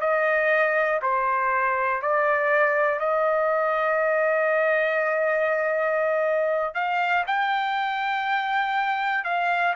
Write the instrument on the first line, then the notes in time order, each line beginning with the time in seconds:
trumpet
0.00 D#5
1.02 C5
2.01 D5
2.99 D#5
6.74 F5
7.26 G5
9.24 F5